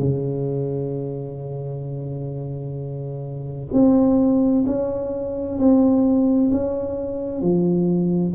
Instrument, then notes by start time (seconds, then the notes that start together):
tuba
0.00 C#3
3.73 C4
4.67 C#4
5.59 C4
6.52 C#4
7.42 F3